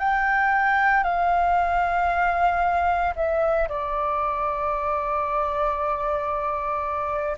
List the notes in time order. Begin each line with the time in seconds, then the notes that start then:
0.00 G5
1.04 F5
3.16 E5
3.69 D5